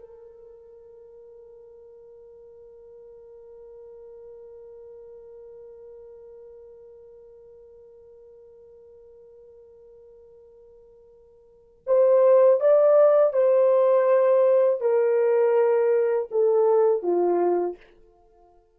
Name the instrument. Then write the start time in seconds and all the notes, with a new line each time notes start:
horn
0.00 A#4
11.87 C5
12.61 D5
13.33 C5
14.81 A#4
16.32 A4
17.03 F4